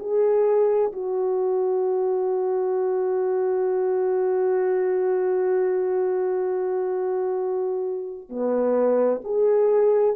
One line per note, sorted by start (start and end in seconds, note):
0.00 0.92 G#4
0.93 8.30 F#4
8.30 9.22 B3
9.24 10.16 G#4